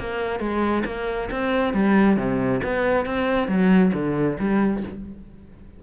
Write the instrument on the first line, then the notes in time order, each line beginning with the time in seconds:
cello
0.00 A#3
0.40 G#3
0.86 A#3
1.31 C4
1.74 G3
2.17 C3
2.64 B3
3.06 C4
3.49 F#3
3.94 D3
4.40 G3